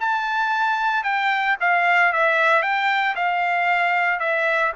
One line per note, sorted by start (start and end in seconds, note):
0.00 1.04 A5
1.04 1.56 G5
1.61 2.13 F5
2.13 2.63 E5
2.63 3.15 G5
3.16 4.20 F5
4.20 4.72 E5